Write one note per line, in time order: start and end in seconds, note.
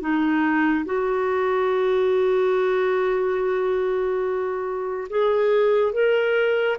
0.00 0.85 D#4
0.85 5.07 F#4
5.09 5.92 G#4
5.92 6.77 A#4